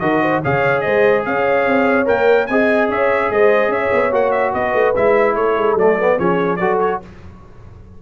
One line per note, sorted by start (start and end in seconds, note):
0.00 0.42 D#3
0.00 0.43 F#4
0.00 0.22 A#4
0.00 0.41 D#5
0.22 0.42 C5
0.42 0.86 C#3
0.42 2.05 G#4
0.42 0.83 C#5
0.42 0.81 F5
0.81 1.26 G#3
0.81 1.25 C5
0.81 1.22 D#5
1.25 1.66 C#4
1.25 2.50 C#5
1.25 2.08 F5
1.66 2.07 C4
2.05 2.49 A#3
2.05 2.46 A#4
2.05 2.47 G5
2.47 2.89 C4
2.47 4.12 G#4
2.47 2.90 D#5
2.47 2.88 G#5
2.89 3.30 C#4
2.89 3.31 C#5
2.89 3.32 E5
3.30 3.68 G#3
3.30 3.71 C5
3.30 3.72 D#5
3.68 3.89 C#4
3.68 4.53 C#5
3.68 4.13 E5
3.93 4.12 B3
4.12 4.54 A#3
4.12 4.94 F#4
4.12 4.31 F#5
4.31 4.52 E5
4.54 4.74 B3
4.54 5.36 B4
4.54 4.95 D#5
4.74 4.95 A3
4.96 5.36 G#3
4.96 5.79 E4
4.96 5.36 E5
5.36 5.56 A3
5.36 6.18 A4
5.36 5.77 C#5
5.56 5.75 G#3
5.75 6.16 F#3
5.75 5.99 A3
5.75 6.19 D5
5.99 6.18 B3
6.18 6.60 F3
6.18 6.59 C#4
6.18 6.59 G#4
6.18 6.56 C#5
6.56 7.01 F#3
6.56 7.02 F#4
6.56 7.01 A4
6.56 6.77 D5
6.80 7.01 C#5